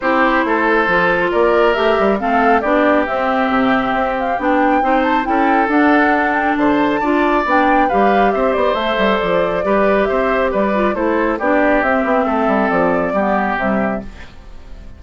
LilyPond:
<<
  \new Staff \with { instrumentName = "flute" } { \time 4/4 \tempo 4 = 137 c''2. d''4 | e''4 f''4 d''4 e''4~ | e''4. f''8 g''4. a''8 | g''4 fis''4. g''8 a''4~ |
a''4 g''4 f''4 e''8 d''8 | e''4 d''2 e''4 | d''4 c''4 d''4 e''4~ | e''4 d''2 e''4 | }
  \new Staff \with { instrumentName = "oboe" } { \time 4/4 g'4 a'2 ais'4~ | ais'4 a'4 g'2~ | g'2. c''4 | a'2. c''4 |
d''2 b'4 c''4~ | c''2 b'4 c''4 | b'4 a'4 g'2 | a'2 g'2 | }
  \new Staff \with { instrumentName = "clarinet" } { \time 4/4 e'2 f'2 | g'4 c'4 d'4 c'4~ | c'2 d'4 dis'4 | e'4 d'2. |
f'4 d'4 g'2 | a'2 g'2~ | g'8 f'8 e'4 d'4 c'4~ | c'2 b4 g4 | }
  \new Staff \with { instrumentName = "bassoon" } { \time 4/4 c'4 a4 f4 ais4 | a8 g8 a4 b4 c'4 | c4 c'4 b4 c'4 | cis'4 d'2 d4 |
d'4 b4 g4 c'8 b8 | a8 g8 f4 g4 c'4 | g4 a4 b4 c'8 b8 | a8 g8 f4 g4 c4 | }
>>